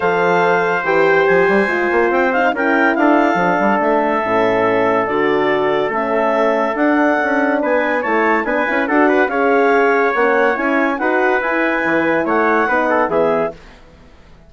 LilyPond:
<<
  \new Staff \with { instrumentName = "clarinet" } { \time 4/4 \tempo 4 = 142 f''2 g''4 gis''4~ | gis''4 g''8 f''8 g''4 f''4~ | f''4 e''2. | d''2 e''2 |
fis''2 gis''4 a''4 | gis''4 fis''4 f''2 | fis''4 gis''4 fis''4 gis''4~ | gis''4 fis''2 e''4 | }
  \new Staff \with { instrumentName = "trumpet" } { \time 4/4 c''1~ | c''2 ais'4 a'4~ | a'1~ | a'1~ |
a'2 b'4 cis''4 | b'4 a'8 b'8 cis''2~ | cis''2 b'2~ | b'4 cis''4 b'8 a'8 gis'4 | }
  \new Staff \with { instrumentName = "horn" } { \time 4/4 a'2 g'2 | f'4. dis'8 e'2 | d'2 cis'2 | fis'2 cis'2 |
d'2. e'4 | d'8 e'8 fis'4 gis'2 | cis'4 e'4 fis'4 e'4~ | e'2 dis'4 b4 | }
  \new Staff \with { instrumentName = "bassoon" } { \time 4/4 f2 e4 f8 g8 | gis8 ais8 c'4 cis'4 d'4 | f8 g8 a4 a,2 | d2 a2 |
d'4 cis'4 b4 a4 | b8 cis'8 d'4 cis'2 | ais4 cis'4 dis'4 e'4 | e4 a4 b4 e4 | }
>>